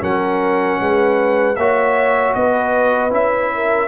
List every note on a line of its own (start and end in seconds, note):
0.00 0.80 F#3
0.00 1.56 C#4
0.00 0.80 A#4
0.00 1.56 F#5
0.80 1.57 G#3
0.80 1.59 B4
1.56 2.35 A#3
1.56 3.11 F#4
1.56 2.37 C#5
1.56 2.34 E5
2.34 3.12 B3
2.34 3.54 B4
2.34 3.12 D#5
3.11 3.89 C#4
3.11 3.89 E4
3.11 3.89 E5
3.55 3.89 A#4